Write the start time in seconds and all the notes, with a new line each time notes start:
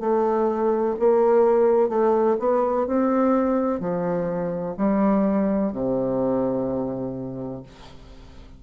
0.00 A3
0.99 A#3
1.88 A3
2.39 B3
2.87 C4
3.80 F3
4.77 G3
5.72 C3